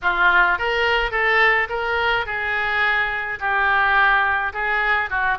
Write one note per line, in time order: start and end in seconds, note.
0.02 0.58 F4
0.58 1.11 A#4
1.11 1.67 A4
1.69 2.26 A#4
2.26 3.39 G#4
3.39 4.53 G4
4.53 5.09 G#4
5.09 5.38 F#4